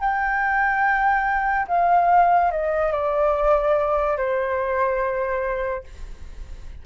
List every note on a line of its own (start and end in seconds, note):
0.00 1.67 G5
1.68 2.52 F5
2.52 2.92 D#5
2.92 4.17 D5
4.17 5.84 C5